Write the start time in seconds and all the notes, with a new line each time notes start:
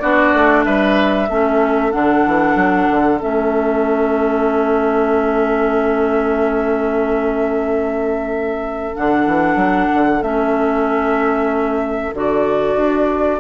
0.00 B3 D4 F#4 D5
0.34 A3
0.64 G3 B4 E5
1.29 A3 C#4 A4
1.91 D3 D4 F#5
2.27 E3
2.55 F#3
2.91 D3
3.20 A3 C#4 E5
8.95 D3 D4 F#5
9.27 E3
9.56 F#3
9.94 D3
10.22 A3 C#4 E5
12.14 D3 F#4 D5
12.76 D4